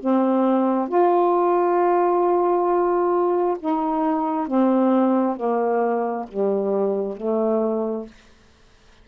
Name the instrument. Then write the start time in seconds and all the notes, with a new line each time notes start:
saxophone
0.00 C4
0.88 F4
3.59 D#4
4.47 C4
5.36 A#3
6.28 G3
7.16 A3